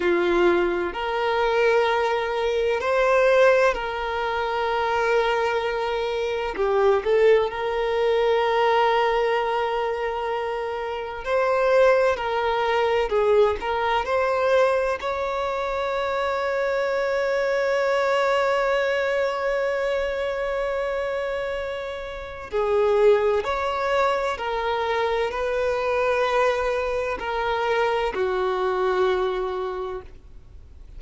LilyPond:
\new Staff \with { instrumentName = "violin" } { \time 4/4 \tempo 4 = 64 f'4 ais'2 c''4 | ais'2. g'8 a'8 | ais'1 | c''4 ais'4 gis'8 ais'8 c''4 |
cis''1~ | cis''1 | gis'4 cis''4 ais'4 b'4~ | b'4 ais'4 fis'2 | }